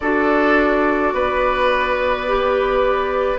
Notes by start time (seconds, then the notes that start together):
0.00 D4 F#4 A4 D5
1.13 B3 B4
2.28 G4